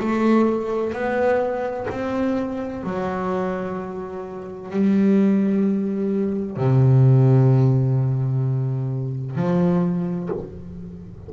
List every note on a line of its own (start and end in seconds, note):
0.00 0.93 A3
0.93 1.87 B3
1.90 2.83 C4
2.83 4.70 F#3
4.70 6.56 G3
6.56 9.35 C3
9.35 10.29 F3